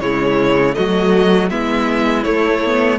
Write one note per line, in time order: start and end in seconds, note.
0.00 0.76 C#3
0.00 0.73 G#3
0.00 0.76 E4
0.00 0.74 C#5
0.73 1.50 F#3
0.73 1.48 A3
0.73 1.50 F#4
0.73 1.49 D#5
1.50 2.25 G#3
1.50 2.24 B3
1.50 2.98 E4
1.50 2.23 E5
2.23 2.62 A3
2.23 2.98 A3
2.23 2.98 C#5
2.65 2.98 B3